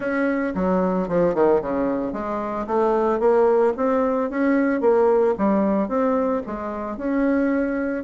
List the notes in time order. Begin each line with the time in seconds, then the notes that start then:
0.00 C#4
0.55 F#3
1.08 F3
1.34 D#3
1.61 C#3
2.12 G#3
2.66 A3
3.19 A#3
3.76 C4
4.30 C#4
4.80 A#3
5.38 G3
5.88 C4
6.46 G#3
6.97 C#4